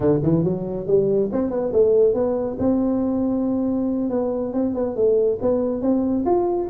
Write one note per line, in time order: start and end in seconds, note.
0.00 0.19 D3
0.22 0.44 E3
0.44 0.86 F#3
0.86 1.29 G3
1.32 1.50 C4
1.50 1.71 B3
1.73 2.14 A3
2.14 2.57 B3
2.59 4.10 C4
4.10 4.53 B3
4.53 4.74 C4
4.74 4.95 B3
4.95 5.39 A3
5.41 5.81 B3
5.81 6.25 C4
6.25 6.68 F4